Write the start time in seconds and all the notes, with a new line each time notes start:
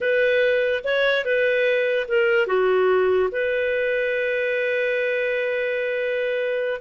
0.00 B4
0.84 C#5
1.24 B4
2.08 A#4
2.46 F#4
3.31 B4